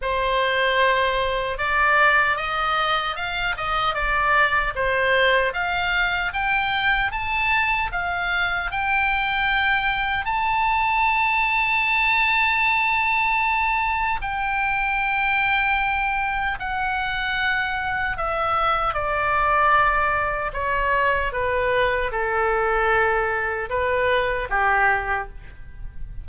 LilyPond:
\new Staff \with { instrumentName = "oboe" } { \time 4/4 \tempo 4 = 76 c''2 d''4 dis''4 | f''8 dis''8 d''4 c''4 f''4 | g''4 a''4 f''4 g''4~ | g''4 a''2.~ |
a''2 g''2~ | g''4 fis''2 e''4 | d''2 cis''4 b'4 | a'2 b'4 g'4 | }